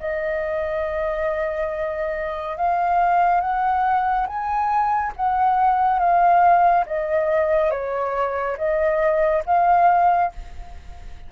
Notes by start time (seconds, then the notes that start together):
0.00 D#5
2.57 F5
3.41 F#5
4.27 G#5
5.17 F#5
5.99 F5
6.86 D#5
7.71 C#5
8.58 D#5
9.46 F5